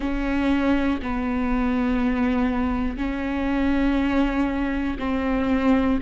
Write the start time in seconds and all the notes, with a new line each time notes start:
0.00 C#4
1.01 B3
2.97 C#4
4.98 C4